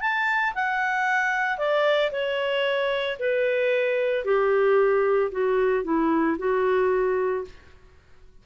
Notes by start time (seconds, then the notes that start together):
0.00 A5
0.54 F#5
1.58 D5
2.11 C#5
3.19 B4
4.25 G4
5.31 F#4
5.84 E4
6.38 F#4